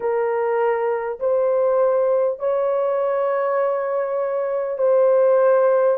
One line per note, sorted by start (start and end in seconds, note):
0.00 1.19 A#4
1.19 2.39 C5
2.39 4.78 C#5
4.78 5.97 C5